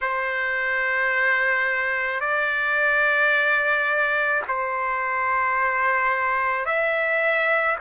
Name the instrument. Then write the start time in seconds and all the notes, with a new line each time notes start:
trumpet
0.01 C5
2.20 D5
4.47 C5
6.65 E5